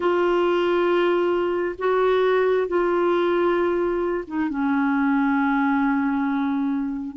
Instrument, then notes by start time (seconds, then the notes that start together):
clarinet
0.00 F4
1.78 F#4
2.67 F4
4.27 D#4
4.49 C#4